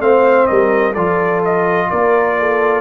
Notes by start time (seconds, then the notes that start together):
0.00 A3 C4 C5 F5
0.46 G3 A#4 D#5
0.93 F3 F4 A4 D5
1.45 D#5
1.90 A#3 A#4 D5
2.39 A4